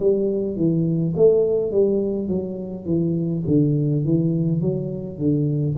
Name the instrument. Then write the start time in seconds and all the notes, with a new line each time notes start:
tuba
0.00 G3
0.56 E3
1.16 A3
1.72 G3
2.28 F#3
2.86 E3
3.47 D3
4.04 E3
4.61 F#3
5.18 D3